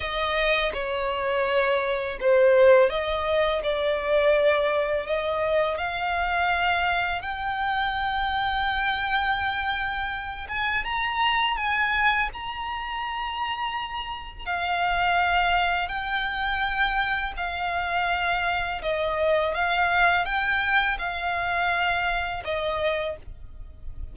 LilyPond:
\new Staff \with { instrumentName = "violin" } { \time 4/4 \tempo 4 = 83 dis''4 cis''2 c''4 | dis''4 d''2 dis''4 | f''2 g''2~ | g''2~ g''8 gis''8 ais''4 |
gis''4 ais''2. | f''2 g''2 | f''2 dis''4 f''4 | g''4 f''2 dis''4 | }